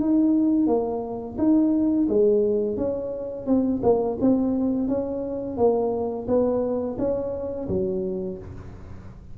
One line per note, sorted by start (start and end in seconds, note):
0.00 0.67 D#4
0.67 1.37 A#3
1.38 2.08 D#4
2.09 2.77 G#3
2.77 3.47 C#4
3.47 3.82 C4
3.83 4.18 A#3
4.21 4.88 C4
4.88 5.57 C#4
5.57 6.27 A#3
6.28 6.98 B3
6.99 7.68 C#4
7.68 8.38 F#3